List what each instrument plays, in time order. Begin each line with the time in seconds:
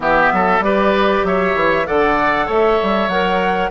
0.00 bassoon E3, clarinet B3, oboe G4, flute E5
0.32 bassoon F#3, oboe A4
0.59 bassoon G3, clarinet G4, oboe B4, flute D5
1.23 bassoon F#3, oboe C#5, flute E5
1.55 bassoon E3
1.86 bassoon D3, clarinet A4, oboe D5, flute F#5
2.46 bassoon A3, oboe C#5, flute E5
2.82 bassoon G3
3.07 bassoon F#3, clarinet A#4, flute F#5